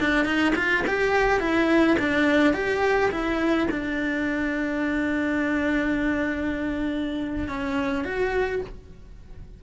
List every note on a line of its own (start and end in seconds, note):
0.00 0.25 D4
0.25 0.54 D#4
0.56 0.84 F4
0.87 1.40 G4
1.40 1.97 E4
1.99 2.54 D4
2.54 3.11 G4
3.11 3.68 E4
3.71 7.48 D4
7.48 8.05 C#4
8.05 8.61 F#4